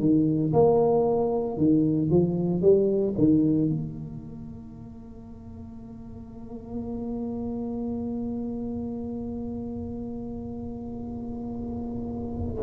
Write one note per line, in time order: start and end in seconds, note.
0.00 0.53 D#3
0.53 1.57 A#3
1.57 2.10 D#3
2.11 2.62 F3
2.62 3.14 G3
3.18 3.69 D#3
3.69 12.63 A#3